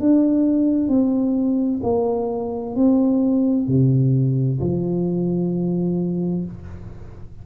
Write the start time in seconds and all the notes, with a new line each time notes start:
0.00 D4
0.89 C4
1.84 A#3
2.76 C4
3.68 C3
4.61 F3